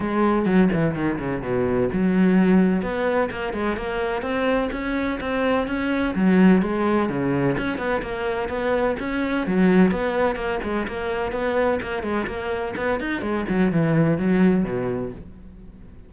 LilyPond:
\new Staff \with { instrumentName = "cello" } { \time 4/4 \tempo 4 = 127 gis4 fis8 e8 dis8 cis8 b,4 | fis2 b4 ais8 gis8 | ais4 c'4 cis'4 c'4 | cis'4 fis4 gis4 cis4 |
cis'8 b8 ais4 b4 cis'4 | fis4 b4 ais8 gis8 ais4 | b4 ais8 gis8 ais4 b8 dis'8 | gis8 fis8 e4 fis4 b,4 | }